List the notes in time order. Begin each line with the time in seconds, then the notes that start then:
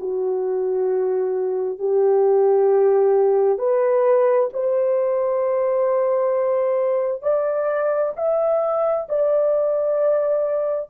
0.00 F#4
1.79 G4
3.58 B4
4.53 C5
7.23 D5
8.17 E5
9.09 D5